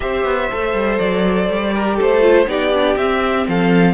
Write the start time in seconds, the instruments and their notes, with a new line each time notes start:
0.00 cello C4, viola G4, violin C5 E5
0.24 cello B3
0.51 cello A3, viola A4
0.73 cello G3
0.99 cello F#3, violin D5
1.50 cello G3
1.73 viola G4, violin A#4
1.96 cello A3, violin A4 C5
2.21 viola F4
2.46 cello B3, viola D#4, violin G4 D5
2.73 viola D4
2.96 cello C4, viola C4, violin E5
3.47 cello F3, violin A4 F5